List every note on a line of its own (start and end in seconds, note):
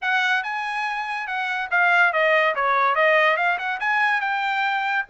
0.01 0.43 F#5
0.43 1.27 G#5
1.27 1.69 F#5
1.70 2.12 F5
2.12 2.55 D#5
2.55 2.95 C#5
2.95 3.36 D#5
3.36 3.58 F5
3.58 3.79 F#5
3.80 4.20 G#5
4.20 5.05 G5